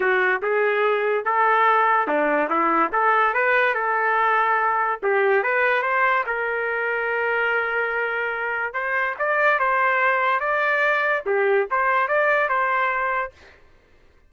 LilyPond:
\new Staff \with { instrumentName = "trumpet" } { \time 4/4 \tempo 4 = 144 fis'4 gis'2 a'4~ | a'4 d'4 e'4 a'4 | b'4 a'2. | g'4 b'4 c''4 ais'4~ |
ais'1~ | ais'4 c''4 d''4 c''4~ | c''4 d''2 g'4 | c''4 d''4 c''2 | }